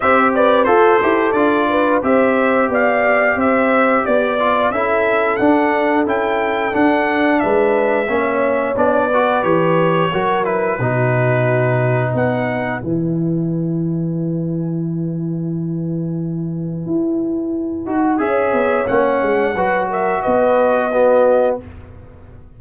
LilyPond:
<<
  \new Staff \with { instrumentName = "trumpet" } { \time 4/4 \tempo 4 = 89 e''8 d''8 c''4 d''4 e''4 | f''4 e''4 d''4 e''4 | fis''4 g''4 fis''4 e''4~ | e''4 d''4 cis''4. b'8~ |
b'2 fis''4 gis''4~ | gis''1~ | gis''2. e''4 | fis''4. e''8 dis''2 | }
  \new Staff \with { instrumentName = "horn" } { \time 4/4 c''8 b'8 a'4. b'8 c''4 | d''4 c''4 d''4 a'4~ | a'2. b'4 | cis''4. b'4. ais'4 |
fis'2 b'2~ | b'1~ | b'2. cis''4~ | cis''4 b'8 ais'8 b'4 fis'4 | }
  \new Staff \with { instrumentName = "trombone" } { \time 4/4 g'4 a'8 g'8 f'4 g'4~ | g'2~ g'8 f'8 e'4 | d'4 e'4 d'2 | cis'4 d'8 fis'8 g'4 fis'8 e'8 |
dis'2. e'4~ | e'1~ | e'2~ e'8 fis'8 gis'4 | cis'4 fis'2 b4 | }
  \new Staff \with { instrumentName = "tuba" } { \time 4/4 c'4 f'8 e'8 d'4 c'4 | b4 c'4 b4 cis'4 | d'4 cis'4 d'4 gis4 | ais4 b4 e4 fis4 |
b,2 b4 e4~ | e1~ | e4 e'4. dis'8 cis'8 b8 | ais8 gis8 fis4 b2 | }
>>